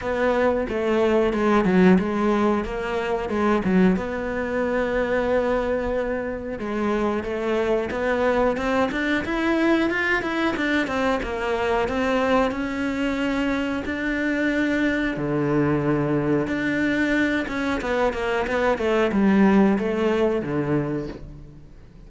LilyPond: \new Staff \with { instrumentName = "cello" } { \time 4/4 \tempo 4 = 91 b4 a4 gis8 fis8 gis4 | ais4 gis8 fis8 b2~ | b2 gis4 a4 | b4 c'8 d'8 e'4 f'8 e'8 |
d'8 c'8 ais4 c'4 cis'4~ | cis'4 d'2 d4~ | d4 d'4. cis'8 b8 ais8 | b8 a8 g4 a4 d4 | }